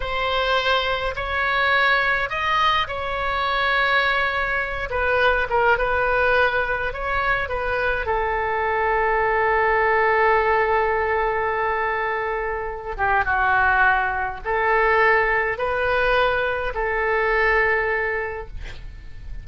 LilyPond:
\new Staff \with { instrumentName = "oboe" } { \time 4/4 \tempo 4 = 104 c''2 cis''2 | dis''4 cis''2.~ | cis''8 b'4 ais'8 b'2 | cis''4 b'4 a'2~ |
a'1~ | a'2~ a'8 g'8 fis'4~ | fis'4 a'2 b'4~ | b'4 a'2. | }